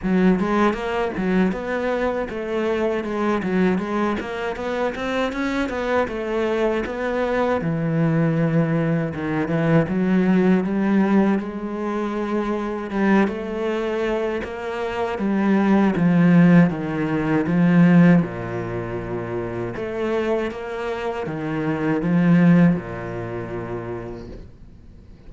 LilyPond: \new Staff \with { instrumentName = "cello" } { \time 4/4 \tempo 4 = 79 fis8 gis8 ais8 fis8 b4 a4 | gis8 fis8 gis8 ais8 b8 c'8 cis'8 b8 | a4 b4 e2 | dis8 e8 fis4 g4 gis4~ |
gis4 g8 a4. ais4 | g4 f4 dis4 f4 | ais,2 a4 ais4 | dis4 f4 ais,2 | }